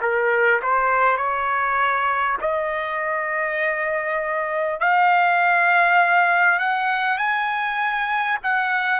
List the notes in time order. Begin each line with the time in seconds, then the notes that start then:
0.00 A#4
0.62 C5
1.17 C#5
2.41 D#5
4.79 F5
6.59 F#5
7.18 G#5
8.43 F#5